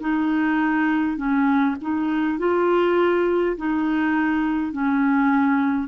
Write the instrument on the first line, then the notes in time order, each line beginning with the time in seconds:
clarinet
0.00 D#4
1.17 C#4
1.81 D#4
2.39 F4
3.57 D#4
4.72 C#4